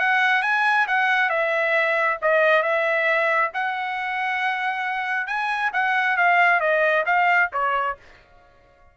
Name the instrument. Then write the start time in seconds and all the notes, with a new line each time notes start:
trumpet
0.00 F#5
0.43 G#5
0.88 F#5
1.30 E5
2.22 D#5
2.63 E5
3.54 F#5
5.27 G#5
5.73 F#5
6.17 F5
6.61 D#5
7.06 F5
7.53 C#5